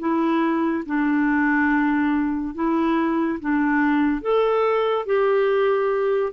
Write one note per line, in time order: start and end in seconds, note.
0.00 0.85 E4
0.86 2.55 D4
2.55 3.40 E4
3.40 4.22 D4
4.22 5.06 A4
5.06 6.33 G4